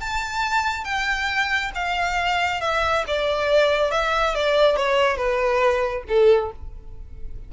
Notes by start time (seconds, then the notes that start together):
0.00 A5
0.84 G5
1.75 F5
2.61 E5
3.07 D5
3.91 E5
4.35 D5
4.76 C#5
5.17 B4
6.08 A4